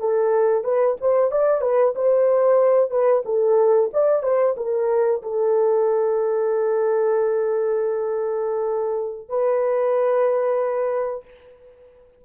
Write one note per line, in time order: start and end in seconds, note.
0.00 0.64 A4
0.64 0.97 B4
1.01 1.32 C5
1.32 1.62 D5
1.62 1.94 B4
1.96 2.91 C5
2.91 3.23 B4
3.25 3.91 A4
3.93 4.23 D5
4.23 4.56 C5
4.57 5.22 A#4
5.23 9.29 A4
9.29 11.25 B4